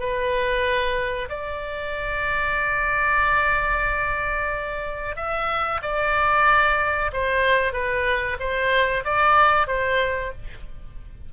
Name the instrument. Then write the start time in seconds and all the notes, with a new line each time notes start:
oboe
0.00 B4
1.30 D5
5.17 E5
5.82 D5
7.13 C5
7.73 B4
8.40 C5
9.05 D5
9.68 C5